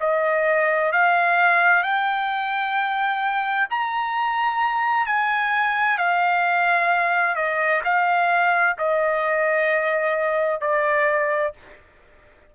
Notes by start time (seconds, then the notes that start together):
0.00 D#5
0.92 F5
1.83 G5
3.70 A#5
5.06 G#5
5.97 F5
7.35 D#5
7.84 F5
8.78 D#5
10.61 D5